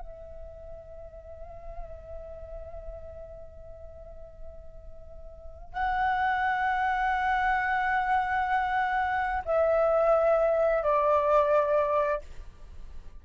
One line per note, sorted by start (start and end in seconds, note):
0.00 5.74 E5
5.74 9.43 F#5
9.46 10.83 E5
10.83 12.21 D5